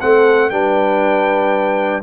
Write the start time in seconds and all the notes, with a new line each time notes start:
0.00 A3 C4 A4 F#5
0.50 G3 D4 B4 G5